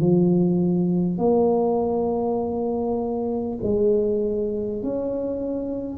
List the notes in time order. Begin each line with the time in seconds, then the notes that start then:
0.00 F3
1.18 A#3
3.63 G#3
4.83 C#4